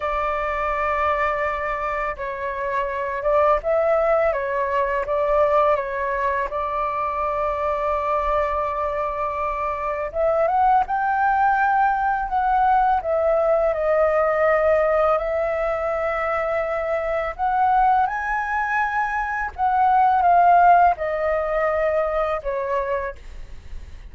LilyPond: \new Staff \with { instrumentName = "flute" } { \time 4/4 \tempo 4 = 83 d''2. cis''4~ | cis''8 d''8 e''4 cis''4 d''4 | cis''4 d''2.~ | d''2 e''8 fis''8 g''4~ |
g''4 fis''4 e''4 dis''4~ | dis''4 e''2. | fis''4 gis''2 fis''4 | f''4 dis''2 cis''4 | }